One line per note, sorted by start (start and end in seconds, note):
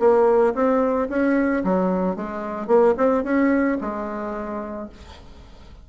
0.00 0.54 A#3
0.55 1.09 C4
1.10 1.64 C#4
1.65 2.16 F#3
2.16 2.68 G#3
2.68 2.95 A#3
2.97 3.24 C4
3.24 3.78 C#4
3.81 4.89 G#3